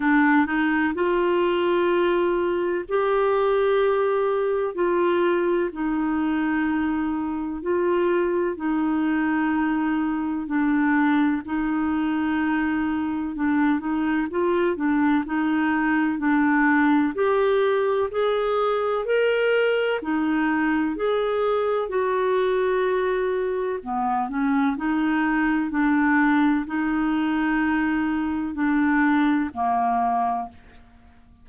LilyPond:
\new Staff \with { instrumentName = "clarinet" } { \time 4/4 \tempo 4 = 63 d'8 dis'8 f'2 g'4~ | g'4 f'4 dis'2 | f'4 dis'2 d'4 | dis'2 d'8 dis'8 f'8 d'8 |
dis'4 d'4 g'4 gis'4 | ais'4 dis'4 gis'4 fis'4~ | fis'4 b8 cis'8 dis'4 d'4 | dis'2 d'4 ais4 | }